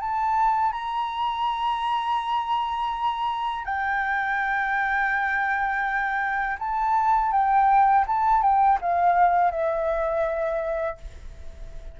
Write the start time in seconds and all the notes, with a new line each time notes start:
0.00 A5
0.72 A#5
3.64 G5
6.59 A5
7.31 G5
8.07 A5
8.42 G5
8.81 F5
9.51 E5